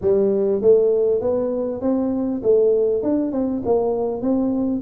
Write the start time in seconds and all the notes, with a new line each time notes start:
0.01 G3
0.61 A3
1.21 B3
1.81 C4
2.42 A3
3.02 D4
3.32 C4
3.65 A#3
4.21 C4